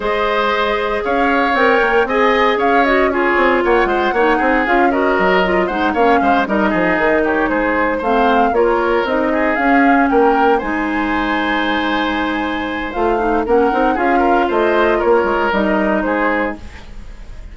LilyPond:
<<
  \new Staff \with { instrumentName = "flute" } { \time 4/4 \tempo 4 = 116 dis''2 f''4 g''4 | gis''4 f''8 dis''8 cis''4 fis''4~ | fis''4 f''8 dis''4. fis''8 f''8~ | f''8 dis''4. cis''8 c''4 f''8~ |
f''8 cis''4 dis''4 f''4 g''8~ | g''8 gis''2.~ gis''8~ | gis''4 f''4 fis''4 f''4 | dis''4 cis''4 dis''4 c''4 | }
  \new Staff \with { instrumentName = "oboe" } { \time 4/4 c''2 cis''2 | dis''4 cis''4 gis'4 cis''8 c''8 | cis''8 gis'4 ais'4. c''8 cis''8 | c''8 ais'8 gis'4 g'8 gis'4 c''8~ |
c''8 ais'4. gis'4. ais'8~ | ais'8 c''2.~ c''8~ | c''2 ais'4 gis'8 ais'8 | c''4 ais'2 gis'4 | }
  \new Staff \with { instrumentName = "clarinet" } { \time 4/4 gis'2. ais'4 | gis'4. fis'8 f'2 | dis'4 f'8 fis'4 f'8 dis'8 cis'8~ | cis'8 dis'2. c'8~ |
c'8 f'4 dis'4 cis'4.~ | cis'8 dis'2.~ dis'8~ | dis'4 f'8 dis'8 cis'8 dis'8 f'4~ | f'2 dis'2 | }
  \new Staff \with { instrumentName = "bassoon" } { \time 4/4 gis2 cis'4 c'8 ais8 | c'4 cis'4. c'8 ais8 gis8 | ais8 c'8 cis'4 fis4 gis8 ais8 | gis8 g8 f8 dis4 gis4 a8~ |
a8 ais4 c'4 cis'4 ais8~ | ais8 gis2.~ gis8~ | gis4 a4 ais8 c'8 cis'4 | a4 ais8 gis8 g4 gis4 | }
>>